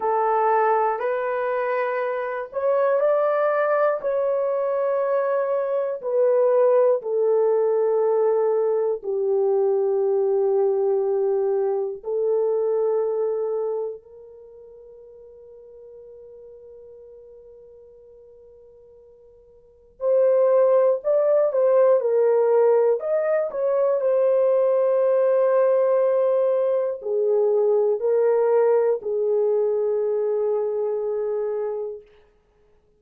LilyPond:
\new Staff \with { instrumentName = "horn" } { \time 4/4 \tempo 4 = 60 a'4 b'4. cis''8 d''4 | cis''2 b'4 a'4~ | a'4 g'2. | a'2 ais'2~ |
ais'1 | c''4 d''8 c''8 ais'4 dis''8 cis''8 | c''2. gis'4 | ais'4 gis'2. | }